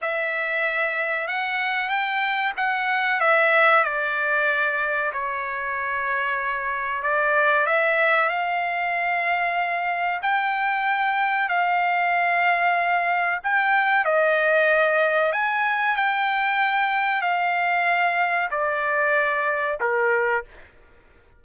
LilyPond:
\new Staff \with { instrumentName = "trumpet" } { \time 4/4 \tempo 4 = 94 e''2 fis''4 g''4 | fis''4 e''4 d''2 | cis''2. d''4 | e''4 f''2. |
g''2 f''2~ | f''4 g''4 dis''2 | gis''4 g''2 f''4~ | f''4 d''2 ais'4 | }